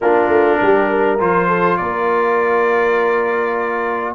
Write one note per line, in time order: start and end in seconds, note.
0.01 0.28 A#3
0.01 1.18 D4
0.01 0.60 F4
0.01 1.19 A#4
0.28 0.57 A3
0.61 1.20 G3
0.61 0.90 G4
0.90 1.47 A#4
1.18 1.79 F3
1.18 4.15 F4
1.18 1.77 C5
1.47 1.77 A4
1.77 4.15 A#3
1.77 4.15 A#4
1.77 4.14 D5